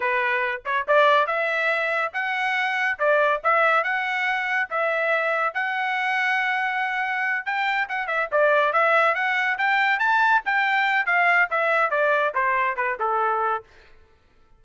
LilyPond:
\new Staff \with { instrumentName = "trumpet" } { \time 4/4 \tempo 4 = 141 b'4. cis''8 d''4 e''4~ | e''4 fis''2 d''4 | e''4 fis''2 e''4~ | e''4 fis''2.~ |
fis''4. g''4 fis''8 e''8 d''8~ | d''8 e''4 fis''4 g''4 a''8~ | a''8 g''4. f''4 e''4 | d''4 c''4 b'8 a'4. | }